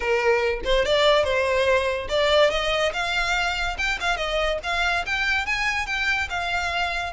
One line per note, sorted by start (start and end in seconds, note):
0.00 0.60 A#4
0.64 0.85 C5
0.85 1.24 D5
1.24 2.08 C5
2.08 2.50 D5
2.50 2.92 D#5
2.93 3.77 F5
3.77 3.98 G5
4.00 4.17 F5
4.17 4.58 D#5
4.63 5.05 F5
5.06 5.45 G5
5.45 5.86 G#5
5.86 6.28 G5
6.29 7.13 F5